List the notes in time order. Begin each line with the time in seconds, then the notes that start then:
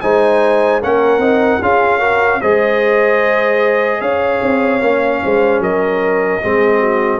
0.00 G#3 D#4 C5 G#5
0.81 A#3 C#4 A#4 F#5
1.17 C4 D#4
1.61 C#4 F4 G#4 F5
1.98 F#4 A#4
2.41 G#3 G#4 C5 D#5
4.00 C#4 C#5 F5
4.42 C4
4.81 A#3 C#4
5.23 G#3 C5
5.60 F#3 A#4 D#5
6.41 G#3 C4 G#4
6.80 F#4